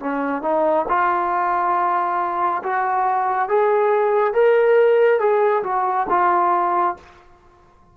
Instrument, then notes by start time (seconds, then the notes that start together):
trombone
0.00 C#4
0.42 D#4
0.88 F4
2.63 F#4
3.49 G#4
4.34 A#4
5.19 G#4
5.63 F#4
6.09 F4